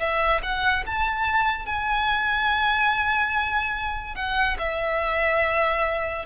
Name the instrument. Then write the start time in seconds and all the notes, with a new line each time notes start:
violin
0.00 E5
0.43 F#5
0.86 A5
1.66 G#5
4.16 F#5
4.59 E5